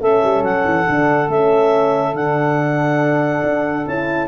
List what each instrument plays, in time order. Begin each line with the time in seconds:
0.00 tuba A3, horn C#4, saxophone A4, clarinet E5
0.24 tuba G3
0.42 tuba F#3, clarinet F#5
0.64 tuba E3
0.87 tuba D3, horn D4
1.28 tuba A3, horn C#4, clarinet E5
2.14 tuba D3, horn D4, clarinet F#5
3.44 tuba D4
3.87 tuba C#4, horn E4, clarinet A5